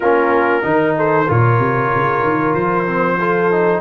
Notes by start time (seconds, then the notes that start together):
0.00 A#3 C#4 F4 A#4
0.62 D#3 D#4 A#4
0.97 A4 C5
1.26 A#2 F4 A#4 C#5
1.59 C3
1.94 C#3
2.23 D#3
2.54 F3 C5
2.86 C4
3.18 F4 A4
3.51 D#4